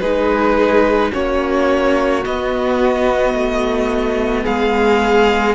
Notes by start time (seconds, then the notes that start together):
0.00 G#3 D#4 G#4 B4
1.12 A#3 C#4 F#4 C#5
2.24 B3 D#5
3.34 A3
4.44 G#3 G#4 F5